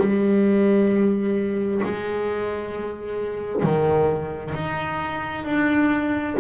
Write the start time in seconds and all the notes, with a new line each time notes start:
0.00 G3
1.84 G#3
3.63 D#3
4.55 D#4
5.45 D4